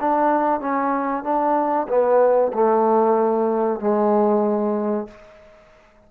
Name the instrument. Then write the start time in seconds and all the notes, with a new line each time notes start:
trombone
0.00 D4
0.60 C#4
1.23 D4
1.88 B3
2.53 A3
3.80 G#3